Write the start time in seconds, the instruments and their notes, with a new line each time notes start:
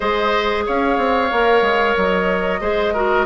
0.00 bassoon G#3, clarinet G#4, oboe C5, flute D#5
0.66 bassoon C#4, oboe C#5, flute F5
0.97 bassoon C4
1.31 bassoon A#3, clarinet A#4
1.61 bassoon G#3
1.96 bassoon F#3, flute D#5
2.60 bassoon G#3, clarinet G#4, oboe C5
2.93 clarinet F#4, oboe A#4